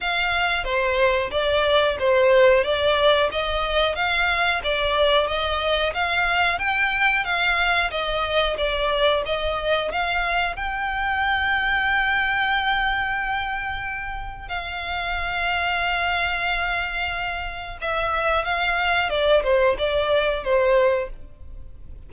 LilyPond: \new Staff \with { instrumentName = "violin" } { \time 4/4 \tempo 4 = 91 f''4 c''4 d''4 c''4 | d''4 dis''4 f''4 d''4 | dis''4 f''4 g''4 f''4 | dis''4 d''4 dis''4 f''4 |
g''1~ | g''2 f''2~ | f''2. e''4 | f''4 d''8 c''8 d''4 c''4 | }